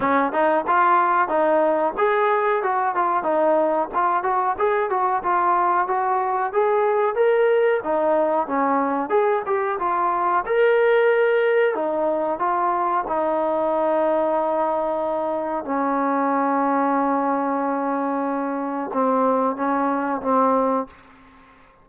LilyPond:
\new Staff \with { instrumentName = "trombone" } { \time 4/4 \tempo 4 = 92 cis'8 dis'8 f'4 dis'4 gis'4 | fis'8 f'8 dis'4 f'8 fis'8 gis'8 fis'8 | f'4 fis'4 gis'4 ais'4 | dis'4 cis'4 gis'8 g'8 f'4 |
ais'2 dis'4 f'4 | dis'1 | cis'1~ | cis'4 c'4 cis'4 c'4 | }